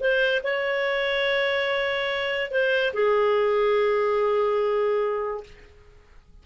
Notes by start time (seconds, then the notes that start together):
0.00 C5
0.43 C#5
2.51 C5
2.93 G#4